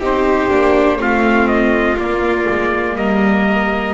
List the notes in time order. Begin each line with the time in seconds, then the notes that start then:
0.00 C4 D#4 G4 C5
0.50 A#3 D4
0.98 A3 C4 F4 F5
1.48 D#5
1.97 A#3 D5
2.50 G#3
2.96 G3 A#4 D#5